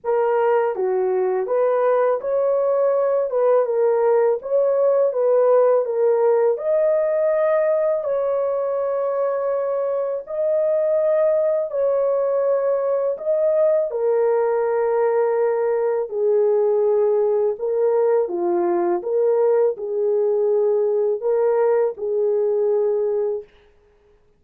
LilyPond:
\new Staff \with { instrumentName = "horn" } { \time 4/4 \tempo 4 = 82 ais'4 fis'4 b'4 cis''4~ | cis''8 b'8 ais'4 cis''4 b'4 | ais'4 dis''2 cis''4~ | cis''2 dis''2 |
cis''2 dis''4 ais'4~ | ais'2 gis'2 | ais'4 f'4 ais'4 gis'4~ | gis'4 ais'4 gis'2 | }